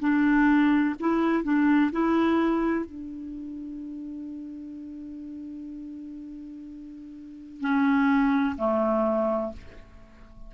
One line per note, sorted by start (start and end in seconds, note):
0.00 0.95 D4
1.00 1.44 E4
1.44 1.91 D4
1.92 2.86 E4
2.86 7.61 D4
7.61 8.56 C#4
8.58 9.53 A3